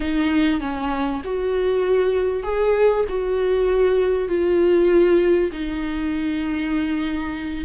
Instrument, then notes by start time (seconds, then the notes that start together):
viola
0.00 D#4
0.60 C#4
1.24 F#4
2.43 G#4
3.08 F#4
4.28 F4
5.52 D#4